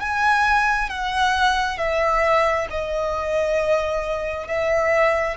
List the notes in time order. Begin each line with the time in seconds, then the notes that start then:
0.00 G#5
0.90 F#5
1.78 E5
2.70 D#5
4.48 E5